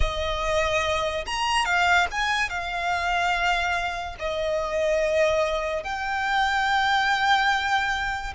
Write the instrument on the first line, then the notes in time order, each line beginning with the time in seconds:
violin
0.00 D#5
1.25 A#5
1.65 F5
2.11 G#5
2.49 F5
4.19 D#5
5.83 G5